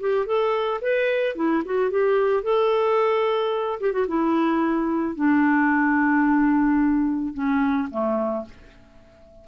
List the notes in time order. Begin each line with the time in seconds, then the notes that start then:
0.00 G4
0.26 A4
0.81 B4
1.35 E4
1.65 F#4
1.90 G4
2.43 A4
3.80 G4
3.92 F#4
4.07 E4
5.15 D4
7.34 C#4
7.90 A3